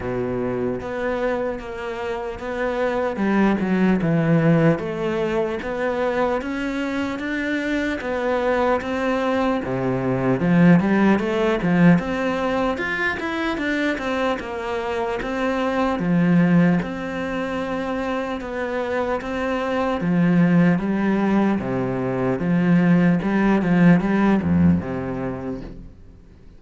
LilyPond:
\new Staff \with { instrumentName = "cello" } { \time 4/4 \tempo 4 = 75 b,4 b4 ais4 b4 | g8 fis8 e4 a4 b4 | cis'4 d'4 b4 c'4 | c4 f8 g8 a8 f8 c'4 |
f'8 e'8 d'8 c'8 ais4 c'4 | f4 c'2 b4 | c'4 f4 g4 c4 | f4 g8 f8 g8 f,8 c4 | }